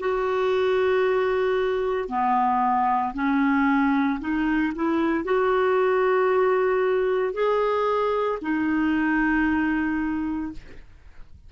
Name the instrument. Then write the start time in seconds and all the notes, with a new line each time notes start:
clarinet
0.00 F#4
2.09 B3
3.14 C#4
4.21 D#4
4.76 E4
5.25 F#4
7.34 G#4
8.42 D#4